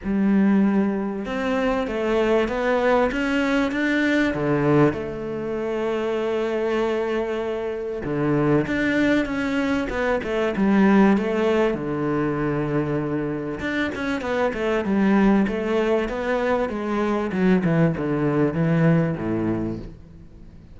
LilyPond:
\new Staff \with { instrumentName = "cello" } { \time 4/4 \tempo 4 = 97 g2 c'4 a4 | b4 cis'4 d'4 d4 | a1~ | a4 d4 d'4 cis'4 |
b8 a8 g4 a4 d4~ | d2 d'8 cis'8 b8 a8 | g4 a4 b4 gis4 | fis8 e8 d4 e4 a,4 | }